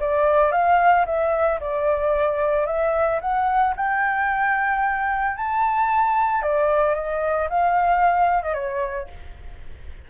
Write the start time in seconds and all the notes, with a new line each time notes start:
0.00 D5
0.52 F5
1.06 E5
1.60 D5
2.66 E5
3.21 F#5
3.77 G5
5.37 A5
6.43 D5
6.95 D#5
7.50 F5
8.43 D#5
8.54 C#5